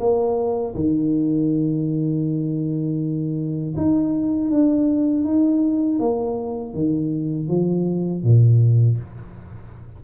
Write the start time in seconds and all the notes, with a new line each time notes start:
0.00 A#3
0.75 D#3
3.77 D#4
4.51 D4
5.25 D#4
6.00 A#3
6.74 D#3
7.49 F3
8.24 A#2